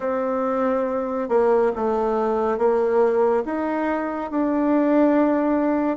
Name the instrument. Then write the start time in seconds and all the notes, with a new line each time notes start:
bassoon
0.00 C4
1.29 A#3
1.75 A3
2.58 A#3
3.45 D#4
4.31 D4